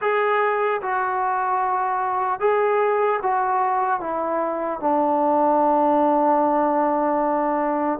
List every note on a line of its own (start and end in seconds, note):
0.01 0.81 G#4
0.81 2.40 F#4
2.40 3.20 G#4
3.22 4.00 F#4
4.00 4.80 E4
4.80 7.99 D4